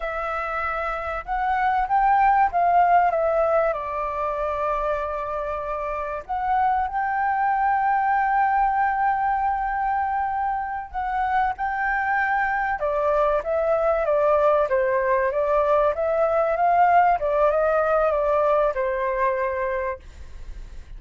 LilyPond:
\new Staff \with { instrumentName = "flute" } { \time 4/4 \tempo 4 = 96 e''2 fis''4 g''4 | f''4 e''4 d''2~ | d''2 fis''4 g''4~ | g''1~ |
g''4. fis''4 g''4.~ | g''8 d''4 e''4 d''4 c''8~ | c''8 d''4 e''4 f''4 d''8 | dis''4 d''4 c''2 | }